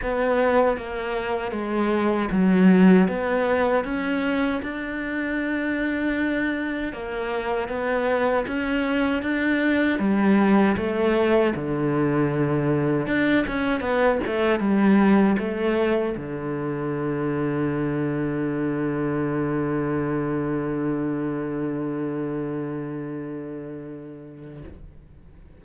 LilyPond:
\new Staff \with { instrumentName = "cello" } { \time 4/4 \tempo 4 = 78 b4 ais4 gis4 fis4 | b4 cis'4 d'2~ | d'4 ais4 b4 cis'4 | d'4 g4 a4 d4~ |
d4 d'8 cis'8 b8 a8 g4 | a4 d2.~ | d1~ | d1 | }